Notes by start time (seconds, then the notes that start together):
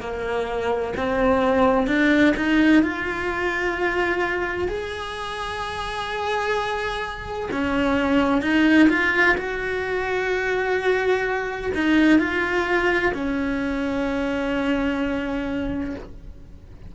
0.00 A#3
0.97 C4
1.87 D4
2.37 D#4
2.83 F4
4.68 G#4
7.51 C#4
8.42 D#4
8.89 F4
9.37 F#4
11.74 D#4
12.19 F4
13.14 C#4